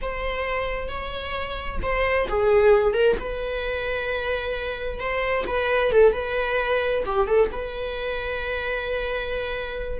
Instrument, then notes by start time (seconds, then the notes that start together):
viola
0.01 C5
0.88 C#5
1.82 C5
2.28 G#4
2.93 A#4
3.19 B4
4.99 C5
5.46 B4
5.91 A4
6.12 B4
7.05 G4
7.27 A4
7.51 B4